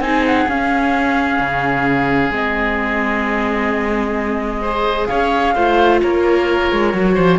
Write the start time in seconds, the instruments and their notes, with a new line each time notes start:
0.00 cello C4, viola D#4, oboe G#4, flute G#5
0.26 flute F#5
0.49 cello C#4, viola C#4, flute F5
1.40 cello C#3
2.31 cello G#3, viola C4, flute D#5
4.62 viola G#4, oboe C5
5.07 cello C#4, oboe C#5, flute F5
5.55 cello A3, viola F4, oboe C5
6.02 cello A#3, oboe A#4, flute C#5
6.72 cello G#3
6.94 cello F#3, viola F#4
7.15 cello F3, oboe C5